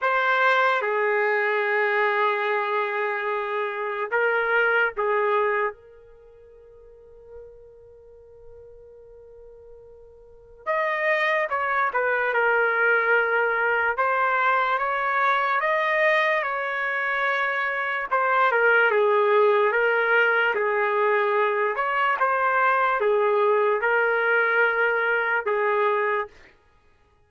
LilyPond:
\new Staff \with { instrumentName = "trumpet" } { \time 4/4 \tempo 4 = 73 c''4 gis'2.~ | gis'4 ais'4 gis'4 ais'4~ | ais'1~ | ais'4 dis''4 cis''8 b'8 ais'4~ |
ais'4 c''4 cis''4 dis''4 | cis''2 c''8 ais'8 gis'4 | ais'4 gis'4. cis''8 c''4 | gis'4 ais'2 gis'4 | }